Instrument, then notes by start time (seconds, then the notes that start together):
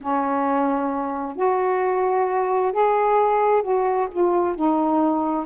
saxophone
0.00 C#4
1.36 F#4
2.72 G#4
3.62 F#4
4.11 F4
4.55 D#4